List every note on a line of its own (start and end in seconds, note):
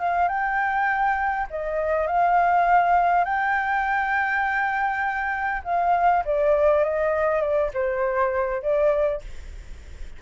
0.00 0.29 F5
0.29 1.47 G5
1.51 2.07 D#5
2.07 3.25 F5
3.25 5.62 G5
5.65 6.24 F5
6.25 6.84 D5
6.84 7.41 D#5
7.41 7.71 D5
7.74 8.62 C5
8.62 9.22 D5